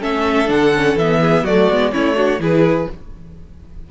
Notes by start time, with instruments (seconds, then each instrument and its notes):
0.00 cello A3, viola C#4, violin A4 E5
0.46 cello D3, viola D4, violin F#5
0.75 viola C#4
0.95 cello E3, viola B3, violin E5
1.21 violin G#4
1.44 cello F#3, viola A3, violin F#4 D5
1.70 cello G#3, viola B3
1.91 cello A3, viola C#4, violin E4 C#5
2.16 viola D4, violin F#4
2.39 cello E3, viola E4, violin G#4 B4